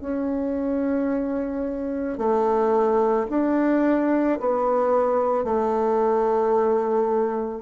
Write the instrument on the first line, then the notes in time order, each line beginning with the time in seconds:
bassoon
0.00 C#4
2.18 A3
3.30 D4
4.40 B3
5.44 A3